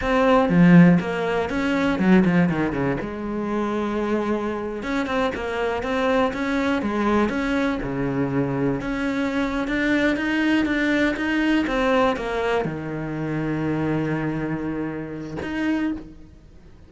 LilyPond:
\new Staff \with { instrumentName = "cello" } { \time 4/4 \tempo 4 = 121 c'4 f4 ais4 cis'4 | fis8 f8 dis8 cis8 gis2~ | gis4.~ gis16 cis'8 c'8 ais4 c'16~ | c'8. cis'4 gis4 cis'4 cis16~ |
cis4.~ cis16 cis'4.~ cis'16 d'8~ | d'8 dis'4 d'4 dis'4 c'8~ | c'8 ais4 dis2~ dis8~ | dis2. dis'4 | }